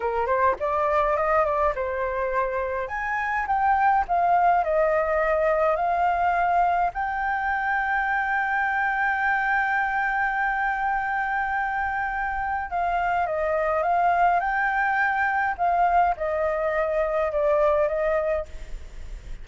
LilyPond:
\new Staff \with { instrumentName = "flute" } { \time 4/4 \tempo 4 = 104 ais'8 c''8 d''4 dis''8 d''8 c''4~ | c''4 gis''4 g''4 f''4 | dis''2 f''2 | g''1~ |
g''1~ | g''2 f''4 dis''4 | f''4 g''2 f''4 | dis''2 d''4 dis''4 | }